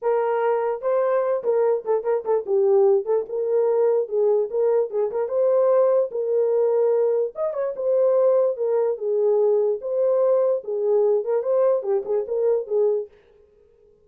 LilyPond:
\new Staff \with { instrumentName = "horn" } { \time 4/4 \tempo 4 = 147 ais'2 c''4. ais'8~ | ais'8 a'8 ais'8 a'8 g'4. a'8 | ais'2 gis'4 ais'4 | gis'8 ais'8 c''2 ais'4~ |
ais'2 dis''8 cis''8 c''4~ | c''4 ais'4 gis'2 | c''2 gis'4. ais'8 | c''4 g'8 gis'8 ais'4 gis'4 | }